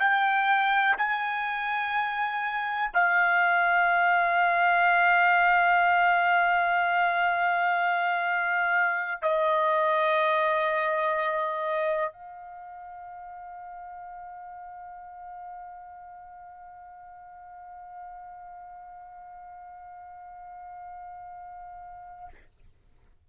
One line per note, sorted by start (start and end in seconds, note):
0.00 0.97 G5
0.98 2.92 G#5
2.94 9.22 F5
9.22 12.13 D#5
12.13 22.29 F5